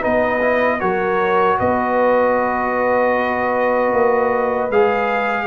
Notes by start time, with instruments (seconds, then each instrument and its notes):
0.00 tuba B3, trombone D#4, horn B4, trumpet D#5
0.42 trombone E4
0.81 tuba F#3, trombone F#4, horn A#4, trumpet C#5
1.60 tuba B3, horn B4, trumpet D#5
3.93 tuba A#3
4.70 tuba G#3, trombone G#4, trumpet F5